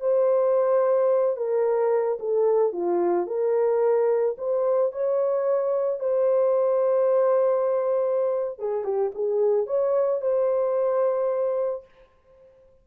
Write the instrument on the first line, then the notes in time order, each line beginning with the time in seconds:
horn
0.00 C5
1.36 A#4
2.19 A4
2.72 F4
3.26 A#4
4.37 C5
4.92 C#5
6.00 C5
8.59 G#4
8.84 G4
9.14 G#4
9.66 C#5
10.21 C5